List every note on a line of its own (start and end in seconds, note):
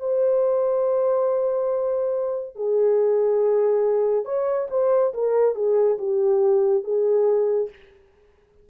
0.00 2.56 C5
2.56 4.25 G#4
4.25 4.68 C#5
4.71 5.14 C5
5.14 5.56 A#4
5.56 5.98 G#4
5.99 6.84 G4
6.84 7.70 G#4